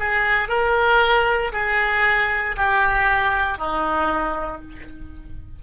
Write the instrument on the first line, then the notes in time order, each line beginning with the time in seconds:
oboe
0.00 G#4
0.49 A#4
1.53 G#4
2.57 G4
3.58 D#4